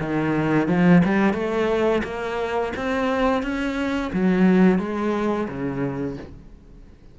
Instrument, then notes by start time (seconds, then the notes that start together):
cello
0.00 D#3
0.68 F3
1.05 G3
1.34 A3
2.04 A#3
2.76 C4
3.43 C#4
4.13 F#3
4.79 G#3
5.48 C#3